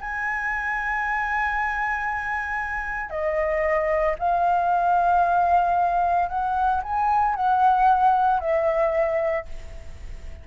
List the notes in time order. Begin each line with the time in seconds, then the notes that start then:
0.00 G#5
3.10 D#5
4.18 F5
6.28 F#5
6.83 G#5
7.35 F#5
8.40 E5